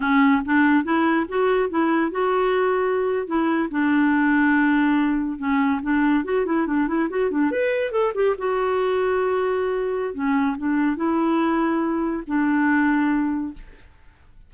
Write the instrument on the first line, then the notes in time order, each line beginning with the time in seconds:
clarinet
0.00 C#4
0.45 D4
0.84 E4
1.28 F#4
1.69 E4
2.11 F#4
3.26 E4
3.70 D4
5.38 C#4
5.82 D4
6.24 F#4
6.45 E4
6.66 D4
6.87 E4
7.09 F#4
7.31 D4
7.51 B4
7.91 A4
8.14 G4
8.38 F#4
10.14 C#4
10.57 D4
10.96 E4
12.27 D4